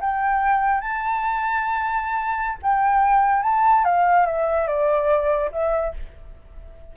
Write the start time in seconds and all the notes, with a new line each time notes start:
0.00 G5
0.80 A5
2.62 G5
3.42 A5
3.84 F5
4.26 E5
4.67 D5
5.52 E5